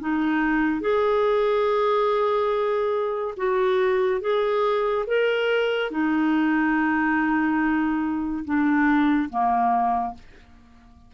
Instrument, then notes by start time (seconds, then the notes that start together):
clarinet
0.00 D#4
0.81 G#4
3.36 F#4
4.21 G#4
5.07 A#4
5.91 D#4
8.45 D4
9.30 A#3